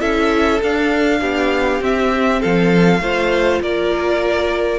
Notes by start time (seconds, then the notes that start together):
0.00 C#4 E4 A4 E5
0.62 D4 F5
1.21 B3 G4
1.81 C4 E5
2.41 F3 A4 F5
3.00 A3 F4 C5
3.61 A#3 A#4 D5